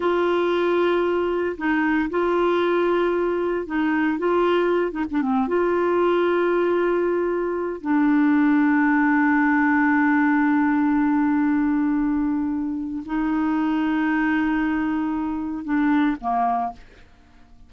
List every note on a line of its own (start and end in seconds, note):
0.00 1.56 F4
1.57 2.09 D#4
2.10 3.66 F4
3.66 4.18 D#4
4.18 4.91 F4
4.91 5.04 D#4
5.10 5.22 D4
5.22 5.47 C4
5.47 7.81 F4
7.81 13.03 D4
13.05 15.64 D#4
15.64 16.16 D4
16.20 16.72 A#3